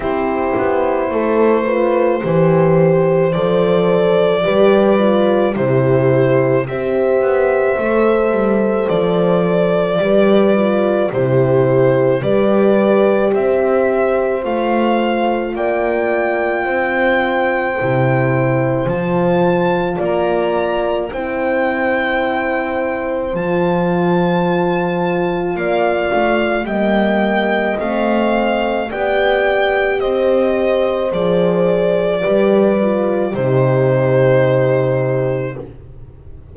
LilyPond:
<<
  \new Staff \with { instrumentName = "violin" } { \time 4/4 \tempo 4 = 54 c''2. d''4~ | d''4 c''4 e''2 | d''2 c''4 d''4 | e''4 f''4 g''2~ |
g''4 a''4 ais''4 g''4~ | g''4 a''2 f''4 | g''4 f''4 g''4 dis''4 | d''2 c''2 | }
  \new Staff \with { instrumentName = "horn" } { \time 4/4 g'4 a'8 b'8 c''2 | b'4 g'4 c''2~ | c''4 b'4 g'4 b'4 | c''2 d''4 c''4~ |
c''2 d''4 c''4~ | c''2. d''4 | dis''2 d''4 c''4~ | c''4 b'4 g'2 | }
  \new Staff \with { instrumentName = "horn" } { \time 4/4 e'4. f'8 g'4 a'4 | g'8 f'8 e'4 g'4 a'4~ | a'4 g'8 f'8 e'4 g'4~ | g'4 f'2. |
e'4 f'2 e'4~ | e'4 f'2. | ais4 c'4 g'2 | gis'4 g'8 f'8 dis'2 | }
  \new Staff \with { instrumentName = "double bass" } { \time 4/4 c'8 b8 a4 e4 f4 | g4 c4 c'8 b8 a8 g8 | f4 g4 c4 g4 | c'4 a4 ais4 c'4 |
c4 f4 ais4 c'4~ | c'4 f2 ais8 a8 | g4 a4 b4 c'4 | f4 g4 c2 | }
>>